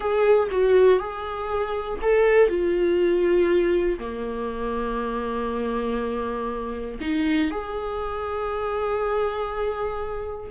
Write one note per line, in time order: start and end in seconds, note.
0.00 0.48 G#4
0.51 0.99 F#4
0.99 1.99 G#4
2.02 2.48 A4
2.48 3.98 F4
3.99 6.99 A#3
7.00 7.50 D#4
7.50 10.50 G#4